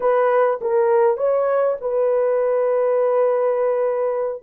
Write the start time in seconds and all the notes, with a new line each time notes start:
0.00 B4
0.61 A#4
1.17 C#5
1.81 B4